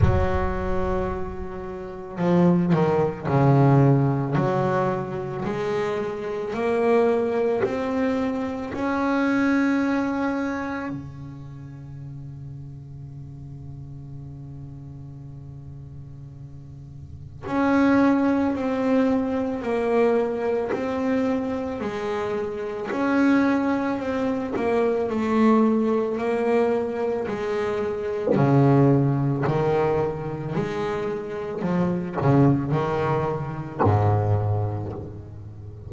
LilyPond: \new Staff \with { instrumentName = "double bass" } { \time 4/4 \tempo 4 = 55 fis2 f8 dis8 cis4 | fis4 gis4 ais4 c'4 | cis'2 cis2~ | cis1 |
cis'4 c'4 ais4 c'4 | gis4 cis'4 c'8 ais8 a4 | ais4 gis4 cis4 dis4 | gis4 f8 cis8 dis4 gis,4 | }